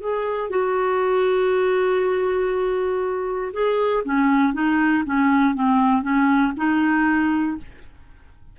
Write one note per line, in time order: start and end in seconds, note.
0.00 0.50 G#4
0.50 3.52 F#4
3.53 4.03 G#4
4.05 4.53 C#4
4.53 5.04 D#4
5.05 5.54 C#4
5.54 6.02 C4
6.02 6.53 C#4
6.57 7.57 D#4